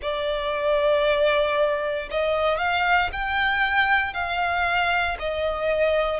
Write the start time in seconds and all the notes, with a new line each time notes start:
0.02 D5
2.10 D#5
2.58 F5
3.12 G5
4.13 F5
5.19 D#5